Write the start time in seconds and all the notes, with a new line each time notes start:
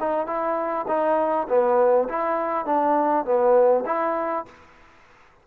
0.00 D#4
0.27 E4
0.88 D#4
1.49 B3
2.09 E4
2.65 D4
3.25 B3
3.86 E4